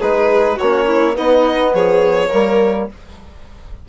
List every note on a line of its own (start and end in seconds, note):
0.00 0.58 G#3
0.00 0.59 D#4
0.00 0.57 G#4
0.00 0.59 B4
0.57 1.18 A#3
0.57 0.86 F#4
0.57 1.16 C#5
0.63 1.14 C#4
0.87 1.16 E4
1.14 2.28 B3
1.14 1.74 B3
1.14 1.74 D#4
1.14 1.75 D#5
1.74 2.31 F3
1.74 2.29 G#4
1.74 2.89 C#5
2.29 2.90 G3
2.29 2.90 A#3
2.29 2.86 A#4